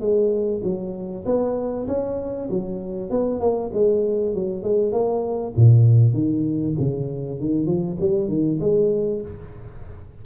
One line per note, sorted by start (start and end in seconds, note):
0.00 0.61 G#3
0.63 1.24 F#3
1.25 1.86 B3
1.87 2.48 C#4
2.49 3.10 F#3
3.10 3.40 B3
3.40 3.70 A#3
3.73 4.34 G#3
4.34 4.63 F#3
4.63 4.92 G#3
4.92 5.53 A#3
5.56 6.13 A#2
6.13 6.74 D#3
6.79 7.40 C#3
7.40 7.66 D#3
7.66 7.96 F3
8.00 8.28 G3
8.28 8.59 D#3
8.60 9.21 G#3